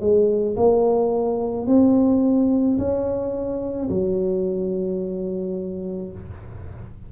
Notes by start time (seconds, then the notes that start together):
0.00 G#3
0.56 A#3
1.66 C4
2.78 C#4
3.89 F#3